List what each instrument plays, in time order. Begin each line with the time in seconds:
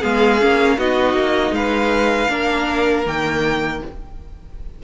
0.00 cello G#3, viola B3, violin G#4 F5
0.39 cello A#3, viola C#4
0.77 cello B3, viola D#4, violin F#4 D#5
1.13 cello A#3
1.51 cello G#3, violin B4 F5
2.28 cello A#3, viola D4, violin A#4
3.05 cello D#3, viola A#3, violin G5